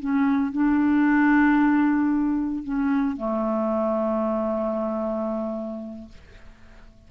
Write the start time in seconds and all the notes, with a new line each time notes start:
0.00 C#4
0.52 D4
2.64 C#4
3.17 A3